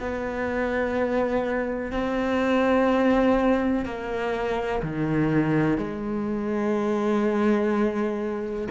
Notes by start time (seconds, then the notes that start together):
0.00 B3
1.92 C4
3.85 A#3
4.83 D#3
5.78 G#3